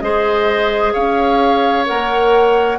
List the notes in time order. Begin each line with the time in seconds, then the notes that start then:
0.00 G#3 G#4 C5 D#5
0.93 C#4 C#5 F5
1.85 A#3 A#4 F#5